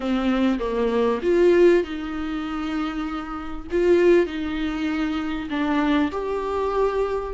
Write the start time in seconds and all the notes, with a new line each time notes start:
0.00 C4
0.59 A#3
1.22 F4
1.83 D#4
3.71 F4
4.26 D#4
5.50 D4
6.11 G4